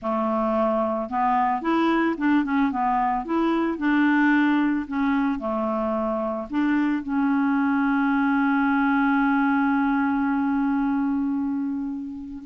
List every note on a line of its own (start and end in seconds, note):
0.02 1.09 A3
1.09 1.61 B3
1.61 2.15 E4
2.17 2.44 D4
2.44 2.71 C#4
2.71 3.25 B3
3.25 3.78 E4
3.78 4.86 D4
4.87 5.39 C#4
5.39 6.47 A3
6.50 7.02 D4
7.02 12.43 C#4